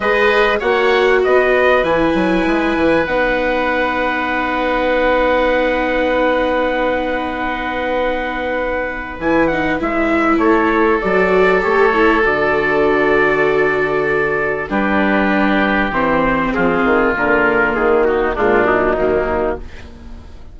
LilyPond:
<<
  \new Staff \with { instrumentName = "trumpet" } { \time 4/4 \tempo 4 = 98 dis''4 fis''4 dis''4 gis''4~ | gis''4 fis''2.~ | fis''1~ | fis''2. gis''8 fis''8 |
e''4 cis''4 d''4 cis''4 | d''1 | b'2 c''4 gis'4 | ais'4 gis'8 fis'8 f'8 dis'4. | }
  \new Staff \with { instrumentName = "oboe" } { \time 4/4 b'4 cis''4 b'2~ | b'1~ | b'1~ | b'1~ |
b'4 a'2.~ | a'1 | g'2. f'4~ | f'4. dis'8 d'4 ais4 | }
  \new Staff \with { instrumentName = "viola" } { \time 4/4 gis'4 fis'2 e'4~ | e'4 dis'2.~ | dis'1~ | dis'2. e'8 dis'8 |
e'2 fis'4 g'8 e'8 | fis'1 | d'2 c'2 | ais2 gis8 fis4. | }
  \new Staff \with { instrumentName = "bassoon" } { \time 4/4 gis4 ais4 b4 e8 fis8 | gis8 e8 b2.~ | b1~ | b2. e4 |
gis4 a4 fis4 a4 | d1 | g2 e4 f8 dis8 | d4 dis4 ais,4 dis,4 | }
>>